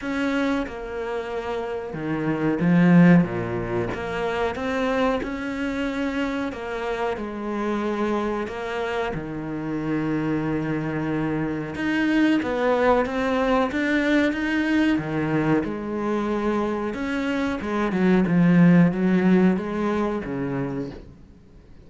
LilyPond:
\new Staff \with { instrumentName = "cello" } { \time 4/4 \tempo 4 = 92 cis'4 ais2 dis4 | f4 ais,4 ais4 c'4 | cis'2 ais4 gis4~ | gis4 ais4 dis2~ |
dis2 dis'4 b4 | c'4 d'4 dis'4 dis4 | gis2 cis'4 gis8 fis8 | f4 fis4 gis4 cis4 | }